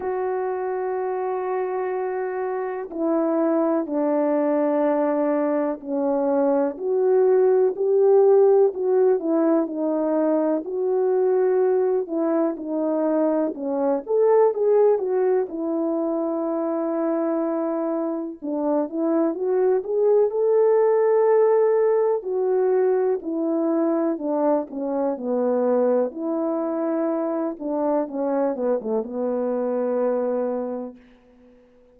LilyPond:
\new Staff \with { instrumentName = "horn" } { \time 4/4 \tempo 4 = 62 fis'2. e'4 | d'2 cis'4 fis'4 | g'4 fis'8 e'8 dis'4 fis'4~ | fis'8 e'8 dis'4 cis'8 a'8 gis'8 fis'8 |
e'2. d'8 e'8 | fis'8 gis'8 a'2 fis'4 | e'4 d'8 cis'8 b4 e'4~ | e'8 d'8 cis'8 b16 a16 b2 | }